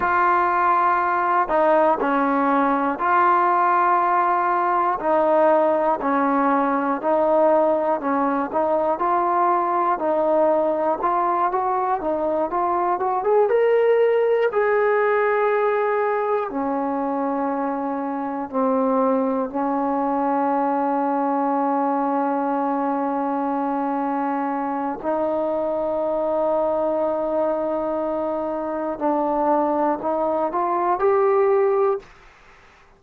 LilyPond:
\new Staff \with { instrumentName = "trombone" } { \time 4/4 \tempo 4 = 60 f'4. dis'8 cis'4 f'4~ | f'4 dis'4 cis'4 dis'4 | cis'8 dis'8 f'4 dis'4 f'8 fis'8 | dis'8 f'8 fis'16 gis'16 ais'4 gis'4.~ |
gis'8 cis'2 c'4 cis'8~ | cis'1~ | cis'4 dis'2.~ | dis'4 d'4 dis'8 f'8 g'4 | }